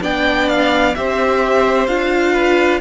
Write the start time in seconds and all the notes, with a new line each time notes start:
0.00 B3 D4 D5 G5
0.49 F5
0.95 C4 G4 C5 E5
1.87 D4 F4 F5
2.32 B4